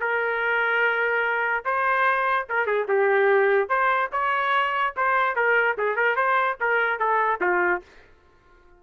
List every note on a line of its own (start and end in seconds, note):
0.00 1.64 A#4
1.65 2.47 C5
2.49 2.67 A#4
2.67 2.87 G#4
2.88 3.69 G4
3.69 4.10 C5
4.12 4.94 C#5
4.97 5.36 C5
5.36 5.77 A#4
5.78 5.96 G#4
5.96 6.16 A#4
6.16 6.57 C5
6.60 6.99 A#4
6.99 7.40 A4
7.41 7.82 F4